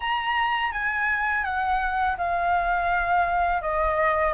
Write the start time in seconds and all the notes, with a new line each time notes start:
0.00 A#5
0.72 G#5
1.44 F#5
2.17 F5
3.61 D#5